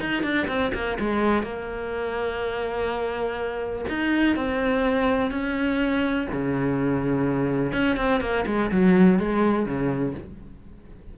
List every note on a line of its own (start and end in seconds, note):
0.00 0.23 D#4
0.23 0.47 D4
0.48 0.72 C4
0.74 0.98 A#3
0.99 1.43 G#3
1.43 3.85 A#3
3.89 4.36 D#4
4.36 5.31 C4
5.31 6.27 C#4
6.32 7.72 C#3
7.72 7.96 C#4
7.96 8.21 C4
8.21 8.45 A#3
8.46 8.70 G#3
8.71 9.19 F#3
9.19 9.66 G#3
9.66 10.14 C#3